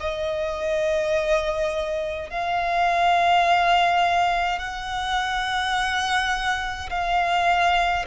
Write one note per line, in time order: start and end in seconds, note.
0.00 2.30 D#5
2.30 4.59 F5
4.59 6.90 F#5
6.90 8.06 F5